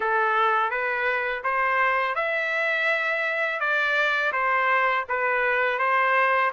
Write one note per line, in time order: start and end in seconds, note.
0.00 0.70 A4
0.70 1.42 B4
1.43 2.15 C5
2.15 3.59 E5
3.59 4.32 D5
4.32 5.04 C5
5.08 5.78 B4
5.78 6.51 C5